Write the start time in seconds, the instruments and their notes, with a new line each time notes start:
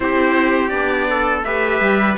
0.00 cello C4, viola E4, trumpet G4 C5
0.69 cello B3, viola D4, trumpet D5
1.09 trumpet A4
1.44 cello A3, viola G4, trumpet B4 E5
1.80 cello G3